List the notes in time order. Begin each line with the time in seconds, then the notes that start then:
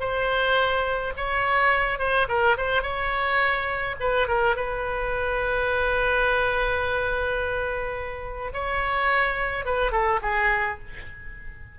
0.00 C5
1.17 C#5
1.99 C5
2.28 A#4
2.57 C5
2.82 C#5
4.00 B4
4.27 A#4
4.56 B4
8.53 C#5
9.65 B4
9.91 A4
10.22 G#4